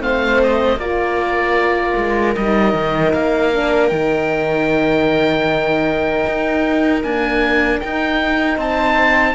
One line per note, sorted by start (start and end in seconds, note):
0.00 0.77 A3
0.00 0.78 C4
0.00 0.81 C5
0.00 0.42 F5
0.43 0.79 D#5
0.77 1.94 A#3
0.77 2.37 F4
0.77 8.58 A#4
0.77 2.35 D5
1.97 2.36 G#3
2.35 2.75 G3
2.35 3.53 D#4
2.35 3.13 D#5
2.75 3.13 D#3
3.13 3.92 A#3
3.13 3.88 F5
3.53 3.91 D4
3.88 6.25 D#3
3.88 7.02 D#4
3.88 7.00 G5
6.27 7.04 D#4
7.04 7.80 A#3
7.04 7.82 D4
7.04 7.80 G#5
7.80 9.35 D#4
7.80 8.58 D#4
7.80 8.58 G5
8.58 9.35 C4
8.58 9.35 C5
8.58 9.35 A5